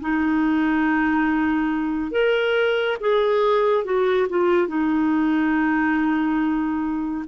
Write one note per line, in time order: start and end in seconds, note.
0.00 2.11 D#4
2.11 2.97 A#4
3.00 3.84 G#4
3.84 4.27 F#4
4.29 4.68 F4
4.68 7.25 D#4